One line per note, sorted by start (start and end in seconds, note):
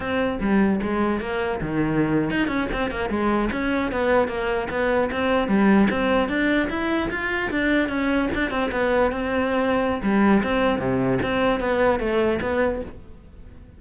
0.00 0.38 C4
0.40 0.80 G3
0.82 1.20 G#3
1.20 1.60 A#3
1.61 2.30 D#3
2.30 2.47 D#4
2.47 2.67 C#4
2.72 2.90 C4
2.90 3.09 A#3
3.09 3.49 G#3
3.52 3.91 C#4
3.91 4.28 B3
4.28 4.68 A#3
4.70 5.10 B3
5.11 5.47 C4
5.47 5.87 G3
5.90 6.29 C4
6.29 6.69 D4
6.69 7.09 E4
7.10 7.50 F4
7.50 7.89 D4
7.89 8.29 C#4
8.34 8.50 D4
8.50 8.70 C4
8.71 9.11 B3
9.11 10.01 C4
10.02 10.42 G3
10.43 10.78 C4
10.78 11.18 C3
11.22 11.60 C4
11.60 11.99 B3
11.99 12.39 A3
12.41 12.81 B3